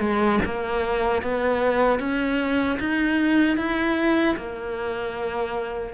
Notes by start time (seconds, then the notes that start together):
0.00 G#3
0.45 A#3
1.22 B3
2.00 C#4
2.80 D#4
3.57 E4
4.37 A#3